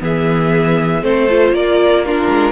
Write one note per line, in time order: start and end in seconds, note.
0.00 1.03 E3
0.00 1.02 B3
0.00 1.03 G#4
0.00 1.04 E5
1.02 1.52 A3
1.02 1.27 C4
1.02 1.54 A4
1.02 1.55 C5
1.29 2.06 F4
1.52 2.28 A#3
1.52 2.06 A#4
1.52 2.05 D5
2.06 2.52 D4
2.06 2.52 F4
2.06 2.52 A#4
2.29 2.52 G#3